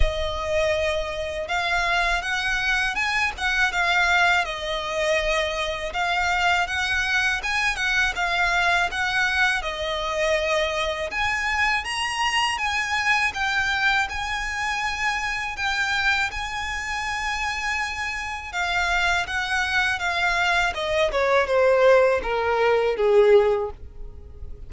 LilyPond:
\new Staff \with { instrumentName = "violin" } { \time 4/4 \tempo 4 = 81 dis''2 f''4 fis''4 | gis''8 fis''8 f''4 dis''2 | f''4 fis''4 gis''8 fis''8 f''4 | fis''4 dis''2 gis''4 |
ais''4 gis''4 g''4 gis''4~ | gis''4 g''4 gis''2~ | gis''4 f''4 fis''4 f''4 | dis''8 cis''8 c''4 ais'4 gis'4 | }